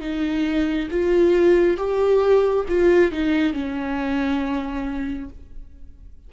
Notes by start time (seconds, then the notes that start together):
0.00 D#4
0.91 F4
1.77 G4
2.68 F4
3.11 D#4
3.53 C#4